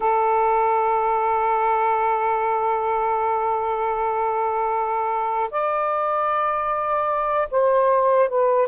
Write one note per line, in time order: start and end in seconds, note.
0.00 5.49 A4
5.50 7.48 D5
7.50 8.28 C5
8.28 8.67 B4